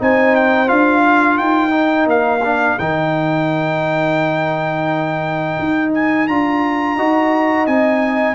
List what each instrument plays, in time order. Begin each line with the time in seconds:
0.00 tuba C4, trombone D#4, horn C5, trumpet G#5
0.36 trumpet G5
0.68 tuba D4, trombone F4, trumpet F5
1.04 horn A#4
1.38 tuba D#4, trumpet G5
1.70 trombone D#4
2.07 tuba A#3, trumpet F5
2.44 trombone D4
2.79 tuba D#3, trombone D#4, trumpet G5
5.59 tuba D#4
5.94 trumpet G#5
6.28 tuba D4, trombone F4, trumpet A#5
6.97 tuba D#4, trombone F#4, horn D#5
7.67 tuba C4, trombone D#4, trumpet G#5